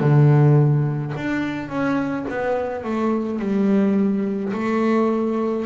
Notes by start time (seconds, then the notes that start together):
0.00 D3
1.16 D4
1.69 C#4
2.29 B3
2.84 A3
3.39 G3
4.53 A3